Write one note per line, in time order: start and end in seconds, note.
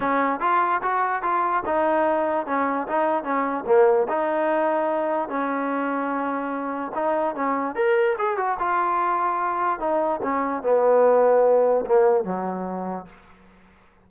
0.00 0.40 C#4
0.40 0.81 F4
0.82 1.22 F#4
1.22 1.63 F4
1.65 2.46 D#4
2.46 2.87 C#4
2.87 3.23 D#4
3.23 3.64 C#4
3.66 4.07 A#3
4.08 5.28 D#4
5.28 6.91 C#4
6.95 7.35 D#4
7.35 7.75 C#4
7.75 8.16 A#4
8.18 8.37 G#4
8.37 8.57 F#4
8.59 9.79 F4
9.79 10.20 D#4
10.22 10.62 C#4
10.62 11.85 B3
11.86 12.24 A#3
12.24 13.05 F#3